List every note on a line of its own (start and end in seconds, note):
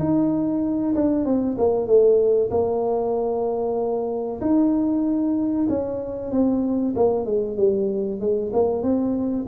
0.00 0.95 D#4
0.95 1.25 D4
1.25 1.57 C4
1.58 1.87 A#3
1.87 2.50 A3
2.51 4.41 A#3
4.42 5.68 D#4
5.69 6.32 C#4
6.32 6.95 C4
6.96 7.26 A#3
7.26 7.58 G#3
7.58 8.20 G3
8.20 8.52 G#3
8.53 8.83 A#3
8.83 9.46 C4